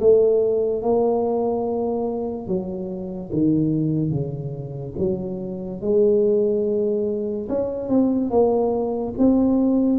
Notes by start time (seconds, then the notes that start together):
0.00 A3
0.82 A#3
2.47 F#3
3.32 D#3
4.10 C#3
4.98 F#3
5.81 G#3
7.48 C#4
7.88 C4
8.30 A#3
9.17 C4